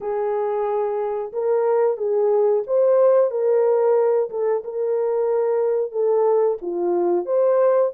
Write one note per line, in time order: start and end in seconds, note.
0.00 1.32 G#4
1.32 1.97 A#4
1.97 2.63 G#4
2.66 3.30 C5
3.30 4.29 A#4
4.30 4.63 A4
4.63 5.91 A#4
5.91 6.57 A4
6.61 7.25 F4
7.25 7.91 C5